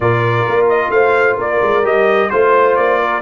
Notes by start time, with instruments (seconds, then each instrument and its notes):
0.00 tuba A#2, trombone F4, horn A#4, trumpet D5
0.47 tuba A#3
0.69 trumpet D#5
0.89 tuba A3, horn C5, trumpet F5
1.36 tuba A#3, horn A#4, trumpet D5
1.62 tuba G#3
1.83 tuba G3, trombone G4, trumpet D#5
2.29 tuba A3, trombone F4, trumpet C5, horn C5
2.76 tuba A#3, trumpet D5
2.99 horn A#4